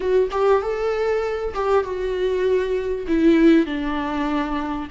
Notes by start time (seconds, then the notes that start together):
0.00 F#4
0.31 G4
0.62 A4
1.54 G4
1.84 F#4
3.07 E4
3.66 D4